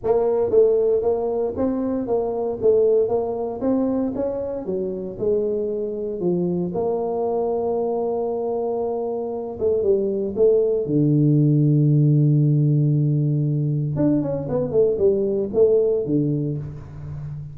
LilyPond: \new Staff \with { instrumentName = "tuba" } { \time 4/4 \tempo 4 = 116 ais4 a4 ais4 c'4 | ais4 a4 ais4 c'4 | cis'4 fis4 gis2 | f4 ais2.~ |
ais2~ ais8 a8 g4 | a4 d2.~ | d2. d'8 cis'8 | b8 a8 g4 a4 d4 | }